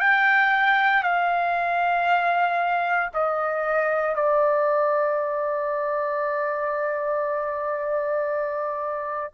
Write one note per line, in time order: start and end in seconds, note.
0.00 1.03 G5
1.03 3.10 F5
3.13 4.15 D#5
4.15 9.32 D5